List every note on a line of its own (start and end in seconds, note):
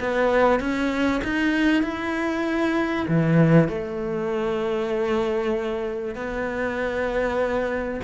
0.00 0.60 B3
0.60 1.21 C#4
1.24 1.83 D#4
1.83 3.06 E4
3.08 3.68 E3
3.68 6.15 A3
6.15 8.00 B3